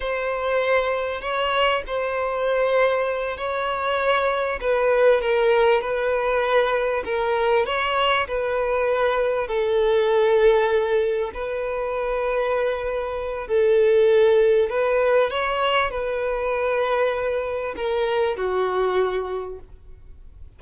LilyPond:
\new Staff \with { instrumentName = "violin" } { \time 4/4 \tempo 4 = 98 c''2 cis''4 c''4~ | c''4. cis''2 b'8~ | b'8 ais'4 b'2 ais'8~ | ais'8 cis''4 b'2 a'8~ |
a'2~ a'8 b'4.~ | b'2 a'2 | b'4 cis''4 b'2~ | b'4 ais'4 fis'2 | }